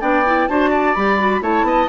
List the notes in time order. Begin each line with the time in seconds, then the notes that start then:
0.00 B3 D4 D5 G5
0.25 E4
0.48 D4 F#4 C5 A5
0.70 D5
0.94 G3 G4 B5
1.19 F#4
1.41 A3 E4 C#5 A5
1.63 B3 D#5